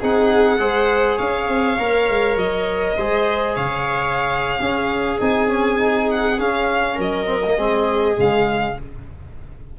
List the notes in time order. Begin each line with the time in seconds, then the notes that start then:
0.00 C4 D#4 G#4 F#5
0.59 G#3 G#4 C5
1.17 C#4 C#5 F5
1.49 C4
1.79 A#3 A#4
2.09 G#3
2.37 F#3 D#5
2.97 G#3 G#4 C5
3.56 C#3 C#5 F5
4.60 C#4 G#4
5.20 C4 D#4 G#5
5.49 C#4
5.78 D#4
6.11 F#5
6.39 C#4 F5
6.95 F#3 A#4
7.01 D#5
7.26 C4
7.46 A#3
7.58 G#3 C4 G#4
8.16 C#3 G#3 F5